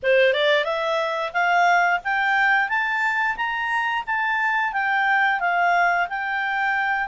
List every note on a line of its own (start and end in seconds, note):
0.02 0.33 C5
0.33 0.64 D5
0.64 1.31 E5
1.33 2.00 F5
2.03 2.68 G5
2.68 3.36 A5
3.36 4.03 A#5
4.06 4.72 A5
4.72 5.40 G5
5.40 6.07 F5
6.09 7.08 G5